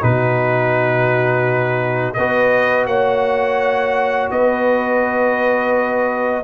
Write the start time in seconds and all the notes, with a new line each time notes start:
0.00 B2 D#4 F#4 B4
2.13 B3 F#4 B4 D#5
2.86 A#3 C#5 F#5
4.31 B3 B4 D#5